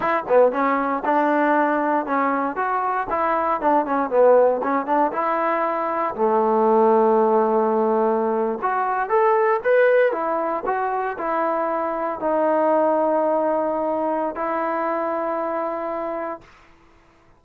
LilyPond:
\new Staff \with { instrumentName = "trombone" } { \time 4/4 \tempo 4 = 117 e'8 b8 cis'4 d'2 | cis'4 fis'4 e'4 d'8 cis'8 | b4 cis'8 d'8 e'2 | a1~ |
a8. fis'4 a'4 b'4 e'16~ | e'8. fis'4 e'2 dis'16~ | dis'1 | e'1 | }